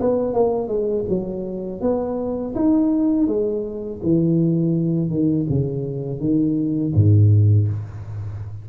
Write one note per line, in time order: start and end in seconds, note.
0.00 0.34 B3
0.34 0.68 A#3
0.68 1.04 G#3
1.09 1.81 F#3
1.81 2.54 B3
2.55 3.27 D#4
3.27 4.00 G#3
4.03 5.10 E3
5.10 5.46 D#3
5.49 6.20 C#3
6.20 6.93 D#3
6.95 7.68 G#2